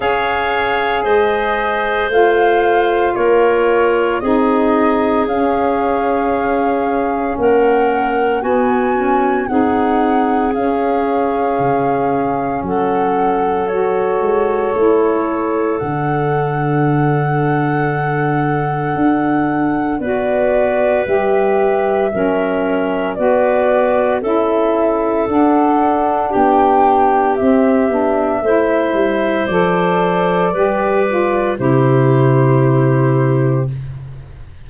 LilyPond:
<<
  \new Staff \with { instrumentName = "flute" } { \time 4/4 \tempo 4 = 57 f''4 dis''4 f''4 cis''4 | dis''4 f''2 fis''4 | gis''4 fis''4 f''2 | fis''4 cis''2 fis''4~ |
fis''2. d''4 | e''2 d''4 e''4 | fis''4 g''4 e''2 | d''2 c''2 | }
  \new Staff \with { instrumentName = "clarinet" } { \time 4/4 cis''4 c''2 ais'4 | gis'2. ais'4 | fis'4 gis'2. | a'1~ |
a'2. b'4~ | b'4 ais'4 b'4 a'4~ | a'4 g'2 c''4~ | c''4 b'4 g'2 | }
  \new Staff \with { instrumentName = "saxophone" } { \time 4/4 gis'2 f'2 | dis'4 cis'2. | b8 cis'8 dis'4 cis'2~ | cis'4 fis'4 e'4 d'4~ |
d'2. fis'4 | g'4 cis'4 fis'4 e'4 | d'2 c'8 d'8 e'4 | a'4 g'8 f'8 e'2 | }
  \new Staff \with { instrumentName = "tuba" } { \time 4/4 cis'4 gis4 a4 ais4 | c'4 cis'2 ais4 | b4 c'4 cis'4 cis4 | fis4. gis8 a4 d4~ |
d2 d'4 b4 | g4 fis4 b4 cis'4 | d'4 b4 c'8 b8 a8 g8 | f4 g4 c2 | }
>>